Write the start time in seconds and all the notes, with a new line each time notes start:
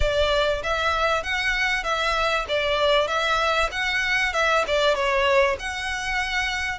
0.00 D5
0.63 E5
1.23 F#5
1.83 E5
2.48 D5
3.07 E5
3.71 F#5
4.33 E5
4.67 D5
4.94 C#5
5.59 F#5